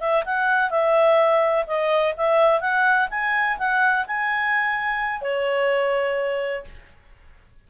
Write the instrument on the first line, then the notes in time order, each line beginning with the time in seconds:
clarinet
0.00 E5
0.25 F#5
0.70 E5
1.67 D#5
2.17 E5
2.61 F#5
3.10 G#5
3.58 F#5
4.07 G#5
5.21 C#5